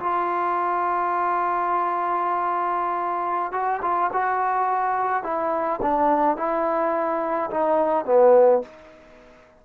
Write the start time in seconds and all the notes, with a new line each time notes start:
0.00 F4
3.52 F#4
3.83 F4
4.13 F#4
5.24 E4
5.83 D4
6.37 E4
7.51 D#4
8.06 B3